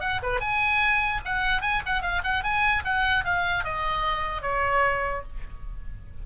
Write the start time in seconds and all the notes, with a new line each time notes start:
0.00 F#5
0.22 B4
0.40 G#5
1.25 F#5
1.61 G#5
1.85 F#5
2.02 F5
2.23 F#5
2.43 G#5
2.84 F#5
3.24 F5
3.64 D#5
4.42 C#5